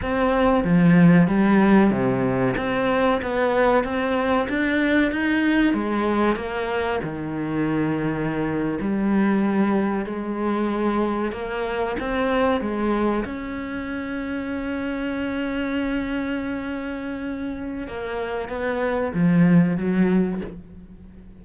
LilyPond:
\new Staff \with { instrumentName = "cello" } { \time 4/4 \tempo 4 = 94 c'4 f4 g4 c4 | c'4 b4 c'4 d'4 | dis'4 gis4 ais4 dis4~ | dis4.~ dis16 g2 gis16~ |
gis4.~ gis16 ais4 c'4 gis16~ | gis8. cis'2.~ cis'16~ | cis'1 | ais4 b4 f4 fis4 | }